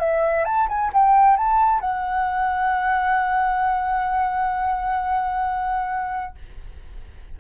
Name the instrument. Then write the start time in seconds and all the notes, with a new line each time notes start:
flute
0.00 E5
0.45 A5
0.69 G#5
0.94 G5
1.37 A5
1.81 F#5